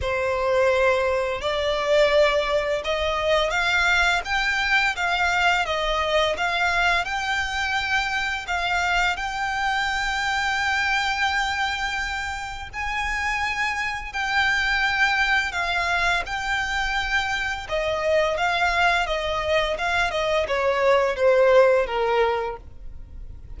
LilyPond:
\new Staff \with { instrumentName = "violin" } { \time 4/4 \tempo 4 = 85 c''2 d''2 | dis''4 f''4 g''4 f''4 | dis''4 f''4 g''2 | f''4 g''2.~ |
g''2 gis''2 | g''2 f''4 g''4~ | g''4 dis''4 f''4 dis''4 | f''8 dis''8 cis''4 c''4 ais'4 | }